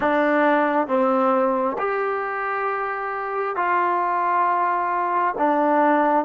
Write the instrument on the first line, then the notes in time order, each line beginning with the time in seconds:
trombone
0.00 D4
0.87 C4
1.78 G4
3.55 F4
5.38 D4